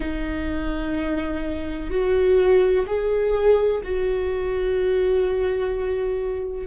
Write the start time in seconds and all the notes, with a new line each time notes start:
0.00 D#4
1.90 F#4
2.86 G#4
3.84 F#4